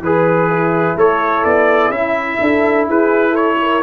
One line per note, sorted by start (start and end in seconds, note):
0.00 0.95 E3
0.00 0.97 G#4
0.00 0.98 B4
0.00 0.50 B4
0.50 2.40 E4
0.96 1.44 A3
0.96 1.92 A4
0.96 1.44 C#5
1.44 1.89 B3
1.44 1.91 D5
1.89 2.37 C#4
1.89 3.82 E4
1.89 2.86 E5
2.41 2.88 D4
2.41 2.88 A4
2.88 3.83 E4
2.88 3.31 G#4
2.88 3.35 B4
3.31 3.55 A4
3.31 3.83 C#5
3.62 3.83 A#4